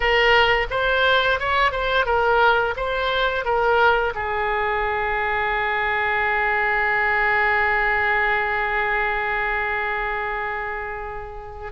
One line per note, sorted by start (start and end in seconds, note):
0.00 0.66 A#4
0.70 1.39 C5
1.39 1.71 C#5
1.71 2.05 C5
2.05 2.74 A#4
2.76 3.44 C5
3.44 4.13 A#4
4.14 11.72 G#4